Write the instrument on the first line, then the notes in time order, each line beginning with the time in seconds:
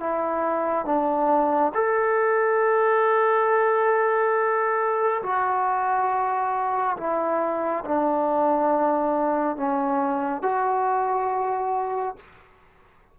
trombone
0.00 E4
0.86 D4
1.75 A4
5.23 F#4
6.97 E4
7.85 D4
9.57 C#4
10.42 F#4